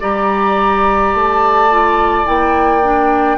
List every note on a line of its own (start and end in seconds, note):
0.00 1.14 G3
0.00 1.70 G4
0.00 3.38 D5
0.00 1.15 A#5
1.14 2.27 A3
1.14 2.26 A5
1.71 2.25 F4
2.25 3.38 A#3
2.25 2.81 E4
2.25 3.38 G5
2.82 3.38 D4